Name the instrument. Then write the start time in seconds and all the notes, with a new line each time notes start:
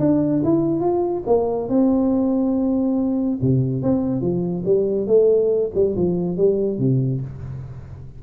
tuba
0.00 D4
0.44 E4
0.81 F4
1.27 A#3
1.69 C4
3.42 C3
3.83 C4
4.21 F3
4.65 G3
5.07 A3
5.75 G3
5.96 F3
6.38 G3
6.79 C3